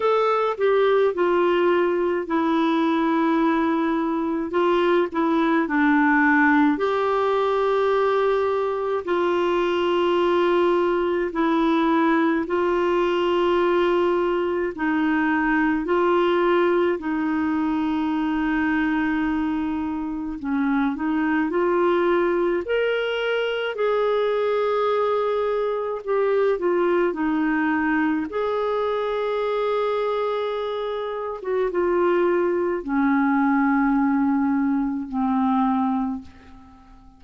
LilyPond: \new Staff \with { instrumentName = "clarinet" } { \time 4/4 \tempo 4 = 53 a'8 g'8 f'4 e'2 | f'8 e'8 d'4 g'2 | f'2 e'4 f'4~ | f'4 dis'4 f'4 dis'4~ |
dis'2 cis'8 dis'8 f'4 | ais'4 gis'2 g'8 f'8 | dis'4 gis'2~ gis'8. fis'16 | f'4 cis'2 c'4 | }